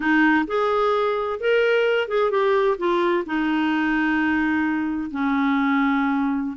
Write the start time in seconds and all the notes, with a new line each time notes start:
0.00 D#4
0.47 G#4
1.40 A#4
2.07 G#4
2.31 G4
2.77 F4
3.26 D#4
5.10 C#4